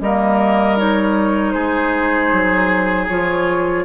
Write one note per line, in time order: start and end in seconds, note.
0.00 1.54 G3
0.00 0.77 A#3
0.00 1.54 A#4
0.00 0.78 D#5
0.77 3.08 D#4
0.77 1.51 C#5
1.51 2.32 G#3
1.51 3.84 G#4
1.51 3.05 C5
2.32 3.09 F#3
3.08 3.85 F3
3.08 3.85 F4
3.08 3.85 C#5